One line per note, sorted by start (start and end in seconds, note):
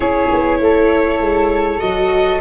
0.00 0.28 C#4
0.00 1.78 E4
0.00 0.59 G#4
0.00 1.80 C#5
0.32 0.60 B3
0.60 1.20 A3
0.60 2.41 A4
1.20 1.81 G#3
1.78 2.41 F#3
1.78 2.39 F#4
1.78 2.40 D#5